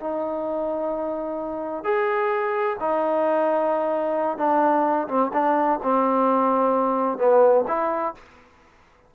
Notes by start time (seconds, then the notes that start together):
0.00 D#4
1.84 G#4
2.80 D#4
4.38 D4
5.08 C4
5.33 D4
5.83 C4
7.18 B3
7.68 E4